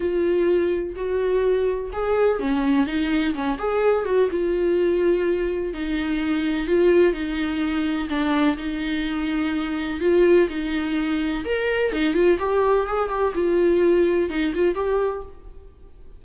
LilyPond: \new Staff \with { instrumentName = "viola" } { \time 4/4 \tempo 4 = 126 f'2 fis'2 | gis'4 cis'4 dis'4 cis'8 gis'8~ | gis'8 fis'8 f'2. | dis'2 f'4 dis'4~ |
dis'4 d'4 dis'2~ | dis'4 f'4 dis'2 | ais'4 dis'8 f'8 g'4 gis'8 g'8 | f'2 dis'8 f'8 g'4 | }